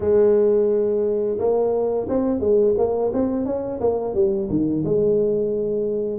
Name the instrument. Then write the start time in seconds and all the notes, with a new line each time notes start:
tuba
0.00 G#3
1.38 A#3
2.08 C4
2.39 G#3
2.77 A#3
3.13 C4
3.45 C#4
3.80 A#3
4.14 G3
4.49 D#3
4.84 G#3